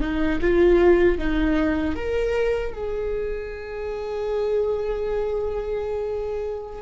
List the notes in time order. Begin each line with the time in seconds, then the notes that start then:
0.00 D#4
0.40 F4
1.18 D#4
1.95 A#4
2.73 G#4